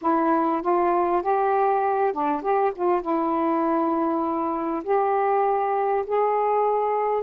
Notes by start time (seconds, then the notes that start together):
0.01 E4
0.62 F4
1.22 G4
2.12 D4
2.42 G4
2.75 F4
3.01 E4
4.83 G4
6.06 G#4